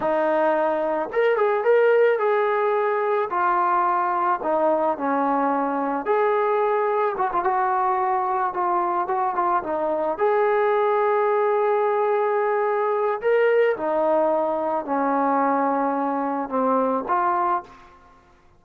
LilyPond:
\new Staff \with { instrumentName = "trombone" } { \time 4/4 \tempo 4 = 109 dis'2 ais'8 gis'8 ais'4 | gis'2 f'2 | dis'4 cis'2 gis'4~ | gis'4 fis'16 f'16 fis'2 f'8~ |
f'8 fis'8 f'8 dis'4 gis'4.~ | gis'1 | ais'4 dis'2 cis'4~ | cis'2 c'4 f'4 | }